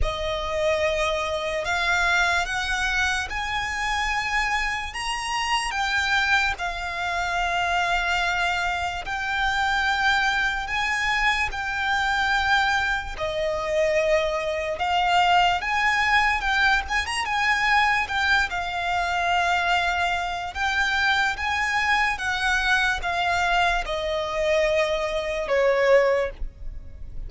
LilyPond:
\new Staff \with { instrumentName = "violin" } { \time 4/4 \tempo 4 = 73 dis''2 f''4 fis''4 | gis''2 ais''4 g''4 | f''2. g''4~ | g''4 gis''4 g''2 |
dis''2 f''4 gis''4 | g''8 gis''16 ais''16 gis''4 g''8 f''4.~ | f''4 g''4 gis''4 fis''4 | f''4 dis''2 cis''4 | }